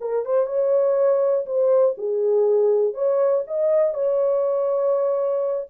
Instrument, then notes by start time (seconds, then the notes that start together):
horn
0.00 A#4
0.25 C5
0.46 C#5
1.46 C5
1.97 G#4
2.94 C#5
3.47 D#5
3.94 C#5